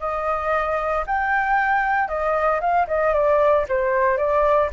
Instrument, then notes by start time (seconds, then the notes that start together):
flute
0.00 D#5
1.07 G5
2.08 D#5
2.61 F5
2.88 D#5
3.14 D5
3.69 C5
4.18 D5